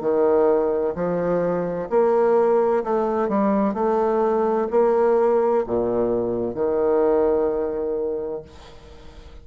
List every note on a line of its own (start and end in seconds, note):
0.00 0.94 D#3
0.95 1.88 F3
1.89 2.83 A#3
2.83 3.28 A3
3.28 3.74 G3
3.74 4.67 A3
4.70 5.64 A#3
5.66 6.54 A#2
6.54 8.42 D#3